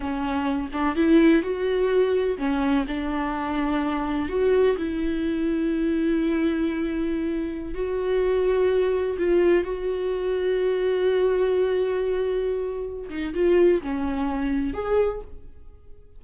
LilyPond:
\new Staff \with { instrumentName = "viola" } { \time 4/4 \tempo 4 = 126 cis'4. d'8 e'4 fis'4~ | fis'4 cis'4 d'2~ | d'4 fis'4 e'2~ | e'1~ |
e'16 fis'2. f'8.~ | f'16 fis'2.~ fis'8.~ | fis'2.~ fis'8 dis'8 | f'4 cis'2 gis'4 | }